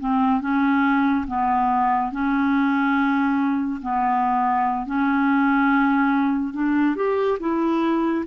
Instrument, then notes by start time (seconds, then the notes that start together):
clarinet
0.00 C4
0.41 C#4
1.27 B3
2.11 C#4
3.81 B3
4.86 C#4
6.53 D4
6.96 G4
7.40 E4